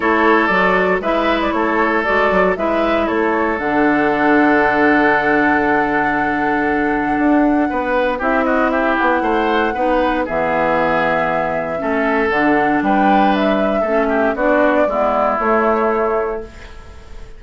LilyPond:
<<
  \new Staff \with { instrumentName = "flute" } { \time 4/4 \tempo 4 = 117 cis''4 d''4 e''8. d''16 cis''4 | d''4 e''4 cis''4 fis''4~ | fis''1~ | fis''1 |
e''8 dis''8 e''8 fis''2~ fis''8 | e''1 | fis''4 g''4 e''2 | d''2 cis''2 | }
  \new Staff \with { instrumentName = "oboe" } { \time 4/4 a'2 b'4 a'4~ | a'4 b'4 a'2~ | a'1~ | a'2. b'4 |
g'8 fis'8 g'4 c''4 b'4 | gis'2. a'4~ | a'4 b'2 a'8 g'8 | fis'4 e'2. | }
  \new Staff \with { instrumentName = "clarinet" } { \time 4/4 e'4 fis'4 e'2 | fis'4 e'2 d'4~ | d'1~ | d'1 |
e'2. dis'4 | b2. cis'4 | d'2. cis'4 | d'4 b4 a2 | }
  \new Staff \with { instrumentName = "bassoon" } { \time 4/4 a4 fis4 gis4 a4 | gis8 fis8 gis4 a4 d4~ | d1~ | d2 d'4 b4 |
c'4. b8 a4 b4 | e2. a4 | d4 g2 a4 | b4 gis4 a2 | }
>>